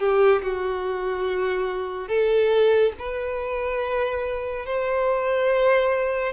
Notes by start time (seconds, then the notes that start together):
0.00 G4
0.43 F#4
2.09 A4
2.99 B4
4.66 C5